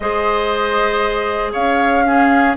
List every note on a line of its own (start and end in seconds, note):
0.00 1.53 G#3
0.00 2.05 G#4
0.00 1.52 C5
0.00 1.51 D#5
1.52 2.56 C#4
1.52 2.03 C#5
1.52 2.56 F5
2.05 2.56 C#4
2.05 2.56 G#4